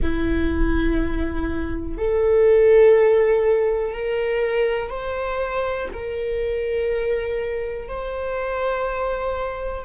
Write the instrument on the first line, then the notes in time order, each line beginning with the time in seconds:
viola
0.01 E4
1.97 A4
3.93 A#4
4.90 C5
5.93 A#4
7.88 C5